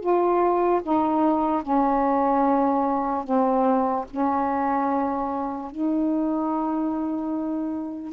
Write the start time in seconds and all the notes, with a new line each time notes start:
0.00 F4
0.83 D#4
1.62 C#4
3.24 C4
4.10 C#4
5.71 D#4